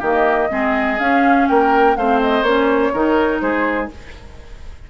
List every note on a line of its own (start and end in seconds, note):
0.00 0.50 D#3
0.00 0.50 A#3
0.00 0.48 G4
0.06 0.99 D#5
0.50 0.99 G#3
0.50 0.99 C4
0.50 1.49 G#4
0.99 1.48 C#4
0.99 1.97 C#4
0.99 1.48 F5
1.48 1.97 A#3
1.48 1.98 A#4
1.48 1.97 G5
1.97 2.43 A3
1.97 2.46 C4
1.97 2.94 C5
1.97 2.21 F5
2.22 2.44 D#5
2.43 2.91 A#3
2.43 2.94 C#4
2.43 3.40 C#5
2.94 3.42 D#3
2.94 3.91 D#4
2.94 3.42 A#4
3.41 3.90 G#3
3.41 3.91 G#4
3.41 3.89 C5